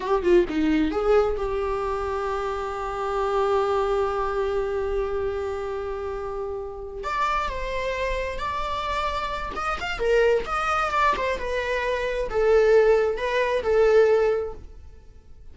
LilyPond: \new Staff \with { instrumentName = "viola" } { \time 4/4 \tempo 4 = 132 g'8 f'8 dis'4 gis'4 g'4~ | g'1~ | g'1~ | g'2.~ g'8 d''8~ |
d''8 c''2 d''4.~ | d''4 dis''8 f''8 ais'4 dis''4 | d''8 c''8 b'2 a'4~ | a'4 b'4 a'2 | }